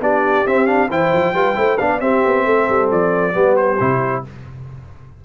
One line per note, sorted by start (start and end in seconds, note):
0.00 0.44 B3
0.00 0.45 D4
0.00 0.89 G4
0.00 0.47 D5
0.45 0.90 C4
0.45 0.66 C4
0.45 0.66 E5
0.66 0.88 D4
0.66 0.89 F5
0.89 1.12 E3
0.89 1.35 E4
0.89 1.33 C5
0.89 1.77 G5
1.13 1.34 F3
1.34 1.56 G3
1.34 1.55 F4
1.34 1.56 B4
1.55 1.79 A3
1.55 1.77 E4
1.55 1.78 C5
1.77 2.00 B3
1.77 2.00 D4
1.77 2.02 D5
1.77 2.00 F5
2.00 3.33 C4
2.00 2.22 C4
2.00 2.44 G4
2.00 2.89 E5
2.25 2.46 B3
2.44 2.68 A3
2.44 3.33 A4
2.68 2.91 G3
2.91 3.34 F3
2.91 3.56 D5
3.33 3.79 G3
3.33 3.77 B3
3.33 4.24 G4
3.56 4.23 C5
3.80 4.24 C3
3.80 4.24 E4